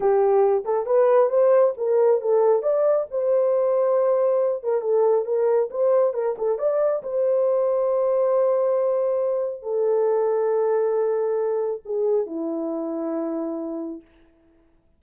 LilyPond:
\new Staff \with { instrumentName = "horn" } { \time 4/4 \tempo 4 = 137 g'4. a'8 b'4 c''4 | ais'4 a'4 d''4 c''4~ | c''2~ c''8 ais'8 a'4 | ais'4 c''4 ais'8 a'8 d''4 |
c''1~ | c''2 a'2~ | a'2. gis'4 | e'1 | }